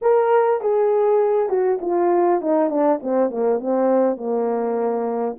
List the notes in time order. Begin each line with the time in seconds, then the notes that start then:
0.01 A#4
0.61 G#4
1.49 F#4
1.81 F4
2.41 D#4
2.70 D4
3.02 C4
3.30 A#3
3.59 C4
4.16 A#3